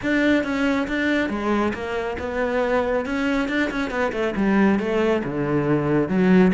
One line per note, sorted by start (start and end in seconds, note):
0.02 0.43 D4
0.43 0.87 C#4
0.87 1.29 D4
1.29 1.72 G#3
1.73 2.16 A#3
2.18 3.05 B3
3.05 3.48 C#4
3.48 3.70 D4
3.70 3.90 C#4
3.90 4.12 B3
4.12 4.34 A3
4.36 4.79 G3
4.79 5.22 A3
5.24 6.08 D3
6.08 6.52 F#3